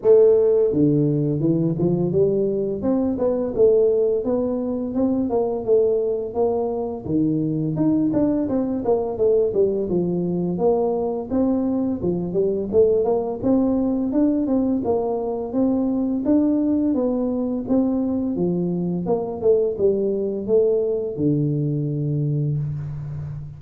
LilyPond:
\new Staff \with { instrumentName = "tuba" } { \time 4/4 \tempo 4 = 85 a4 d4 e8 f8 g4 | c'8 b8 a4 b4 c'8 ais8 | a4 ais4 dis4 dis'8 d'8 | c'8 ais8 a8 g8 f4 ais4 |
c'4 f8 g8 a8 ais8 c'4 | d'8 c'8 ais4 c'4 d'4 | b4 c'4 f4 ais8 a8 | g4 a4 d2 | }